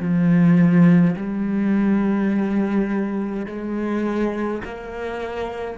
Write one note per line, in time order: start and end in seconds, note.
0.00 1.15 F3
1.16 3.46 G3
3.46 4.62 G#3
4.65 5.77 A#3